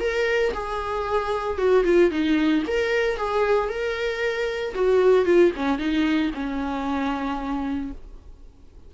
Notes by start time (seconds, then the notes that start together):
0.00 A#4
0.54 G#4
1.58 F#4
1.85 F4
2.11 D#4
2.68 A#4
3.17 G#4
3.69 A#4
4.75 F#4
5.25 F4
5.56 C#4
5.78 D#4
6.34 C#4